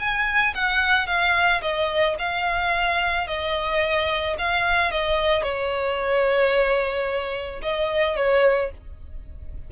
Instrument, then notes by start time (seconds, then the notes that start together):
violin
0.00 G#5
0.55 F#5
1.07 F5
1.62 D#5
2.19 F5
3.28 D#5
4.39 F5
4.92 D#5
5.43 C#5
7.62 D#5
8.17 C#5